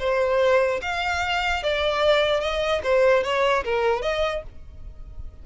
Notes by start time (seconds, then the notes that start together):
0.00 C5
0.82 F5
1.63 D5
2.41 D#5
2.84 C5
3.24 C#5
3.65 A#4
4.02 D#5